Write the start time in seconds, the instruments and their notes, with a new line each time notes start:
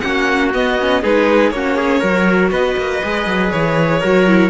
0.00 cello A#3, viola C#4, trumpet F#4, violin F#5
0.53 viola B3, cello B3, violin D#5
0.80 viola C#4
1.02 cello G#3, viola D#4, trumpet G#4, violin B4
1.50 cello A#3, viola C#4, trumpet F#4, violin C#5
1.76 trumpet G#4
2.00 cello F#3, viola F#4, trumpet A#4
2.51 cello B3, trumpet B4, violin D#5
2.77 cello A#3
3.03 cello G#3, viola G#4
3.26 cello F#3
3.51 cello E3, violin C#5
4.00 cello F#3, viola F#4, trumpet A#4
4.27 viola E4